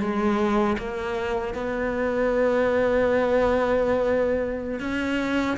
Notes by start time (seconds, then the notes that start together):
0.00 G#3
0.78 A#3
1.55 B3
4.80 C#4